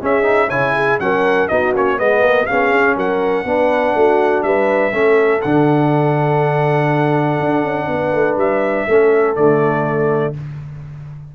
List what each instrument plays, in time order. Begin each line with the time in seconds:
0.00 trombone C#4, tuba C#4, horn G#4, trumpet E5
0.23 trombone D#4
0.48 tuba C#3, trombone E4, horn C#5, trumpet G#5
0.76 horn G#4
0.99 tuba F#3, trombone C#4, horn A#4, trumpet F#5
1.48 tuba B3, trombone D#4, horn F#4, trumpet D#5
1.74 tuba A#3, trombone C#4, trumpet C#5
1.98 tuba G#3, trombone B3, horn B4, trumpet D#5
2.21 tuba A#3, horn A#4
2.46 tuba B3, trombone C#4, horn G#4, trumpet F5
2.71 tuba C#4
2.96 tuba F#3, horn A#4, trumpet F#5
3.44 tuba B3, trombone D4, horn B4
3.95 tuba A3, horn F#4
4.43 tuba G3, horn B4, trumpet E5
4.91 tuba A3, trombone C#4, horn A4
5.41 tuba D3, trombone D4, trumpet F#5
7.39 tuba D4
7.64 tuba C#4
7.88 tuba B3, horn B4
8.12 tuba A3
8.37 tuba G3, trumpet E5
8.88 tuba A3, trombone C#4, horn A4
9.36 tuba D3, trombone A3, trumpet D5